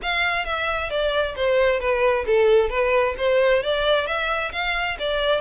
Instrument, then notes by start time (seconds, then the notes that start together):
violin
0.02 F5
0.45 E5
0.89 D5
1.36 C5
1.79 B4
2.26 A4
2.69 B4
3.17 C5
3.63 D5
4.06 E5
4.52 F5
4.99 D5